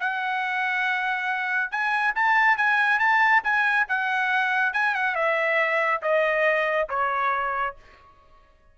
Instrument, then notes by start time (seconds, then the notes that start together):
trumpet
0.00 F#5
1.71 G#5
2.15 A5
2.57 G#5
2.99 A5
3.44 G#5
3.88 F#5
4.73 G#5
4.95 F#5
5.15 E5
6.02 D#5
6.89 C#5